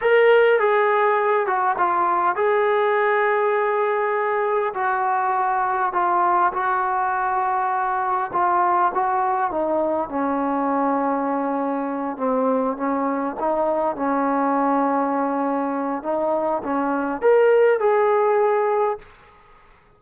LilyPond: \new Staff \with { instrumentName = "trombone" } { \time 4/4 \tempo 4 = 101 ais'4 gis'4. fis'8 f'4 | gis'1 | fis'2 f'4 fis'4~ | fis'2 f'4 fis'4 |
dis'4 cis'2.~ | cis'8 c'4 cis'4 dis'4 cis'8~ | cis'2. dis'4 | cis'4 ais'4 gis'2 | }